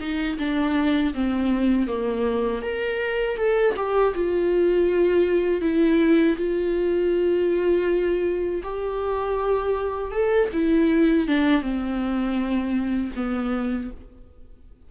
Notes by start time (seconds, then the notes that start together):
0.00 D#4
0.39 D4
1.14 C4
1.88 A#3
2.62 A#4
3.37 A4
3.77 G4
4.15 F4
5.61 E4
6.37 F4
8.63 G4
10.12 A4
10.53 E4
11.28 D4
11.62 C4
13.16 B3